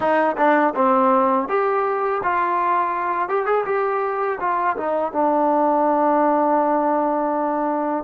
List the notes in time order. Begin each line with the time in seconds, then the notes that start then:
0.00 D#4
0.37 D4
0.75 C4
1.48 G4
2.23 F4
3.28 G4
3.46 G#4
3.65 G4
4.39 F4
4.76 D#4
5.12 D4